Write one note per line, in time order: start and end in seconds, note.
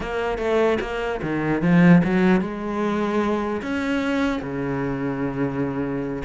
0.00 0.38 A#3
0.38 0.78 A3
0.80 1.21 A#3
1.22 1.61 D#3
1.61 2.02 F3
2.03 2.41 F#3
2.41 3.61 G#3
3.62 4.41 C#4
4.41 6.23 C#3